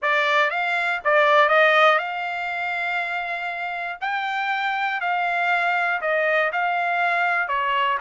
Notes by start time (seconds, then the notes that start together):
0.02 D5
0.50 F5
1.04 D5
1.48 D#5
1.98 F5
4.00 G5
5.00 F5
6.01 D#5
6.52 F5
7.47 C#5